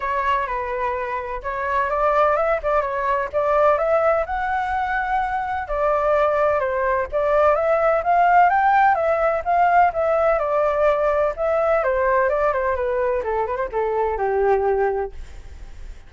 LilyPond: \new Staff \with { instrumentName = "flute" } { \time 4/4 \tempo 4 = 127 cis''4 b'2 cis''4 | d''4 e''8 d''8 cis''4 d''4 | e''4 fis''2. | d''2 c''4 d''4 |
e''4 f''4 g''4 e''4 | f''4 e''4 d''2 | e''4 c''4 d''8 c''8 b'4 | a'8 b'16 c''16 a'4 g'2 | }